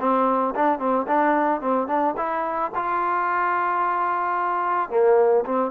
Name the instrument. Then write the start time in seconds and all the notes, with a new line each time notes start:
trombone
0.00 C4
0.55 D4
0.79 C4
1.07 D4
1.61 C4
1.87 D4
2.17 E4
2.75 F4
4.90 A#3
5.45 C4